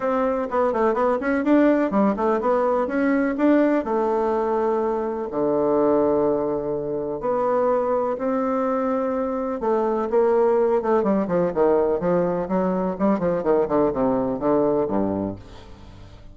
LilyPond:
\new Staff \with { instrumentName = "bassoon" } { \time 4/4 \tempo 4 = 125 c'4 b8 a8 b8 cis'8 d'4 | g8 a8 b4 cis'4 d'4 | a2. d4~ | d2. b4~ |
b4 c'2. | a4 ais4. a8 g8 f8 | dis4 f4 fis4 g8 f8 | dis8 d8 c4 d4 g,4 | }